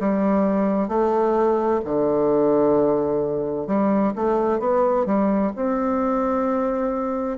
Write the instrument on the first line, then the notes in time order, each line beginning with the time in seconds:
bassoon
0.00 G3
0.88 A3
1.85 D3
3.67 G3
4.15 A3
4.60 B3
5.06 G3
5.56 C4